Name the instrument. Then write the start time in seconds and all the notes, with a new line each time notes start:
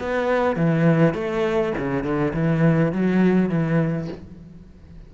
cello
0.00 B3
0.56 E3
1.14 A3
1.78 C#3
2.04 D3
2.34 E3
2.93 F#3
3.49 E3